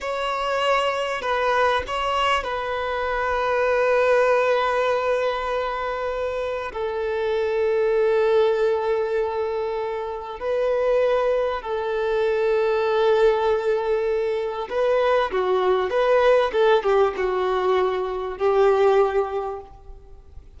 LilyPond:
\new Staff \with { instrumentName = "violin" } { \time 4/4 \tempo 4 = 98 cis''2 b'4 cis''4 | b'1~ | b'2. a'4~ | a'1~ |
a'4 b'2 a'4~ | a'1 | b'4 fis'4 b'4 a'8 g'8 | fis'2 g'2 | }